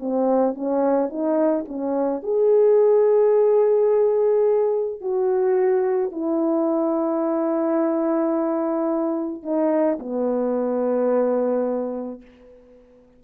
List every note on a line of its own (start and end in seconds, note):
0.00 0.55 C4
0.55 1.09 C#4
1.09 1.64 D#4
1.68 2.23 C#4
2.23 5.01 G#4
5.01 6.11 F#4
6.11 9.43 E4
9.43 9.98 D#4
9.99 12.21 B3